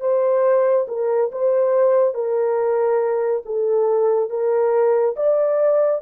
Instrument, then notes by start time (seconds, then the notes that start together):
horn
0.00 C5
0.88 A#4
1.31 C5
2.14 A#4
3.45 A4
4.29 A#4
5.16 D5